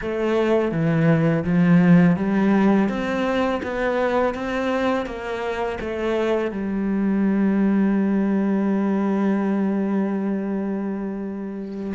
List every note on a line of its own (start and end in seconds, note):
0.01 0.71 A3
0.71 1.44 E3
1.44 2.16 F3
2.16 2.88 G3
2.88 3.61 C4
3.62 4.34 B3
4.34 5.06 C4
5.06 5.78 A#3
5.80 6.51 A3
6.51 11.93 G3